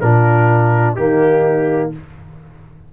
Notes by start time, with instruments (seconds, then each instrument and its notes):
0.00 tuba A#2, trombone D4, horn F4, trumpet A#4
0.95 tuba D#3, trombone A#3, horn D#4, trumpet G4